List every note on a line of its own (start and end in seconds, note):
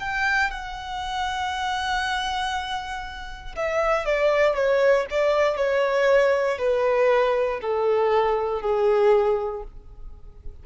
0.00 0.51 G5
0.51 3.56 F#5
3.56 4.05 E5
4.05 4.55 D5
4.55 5.06 C#5
5.10 5.57 D5
5.57 6.59 C#5
6.59 7.60 B4
7.61 8.62 A4
8.62 9.63 G#4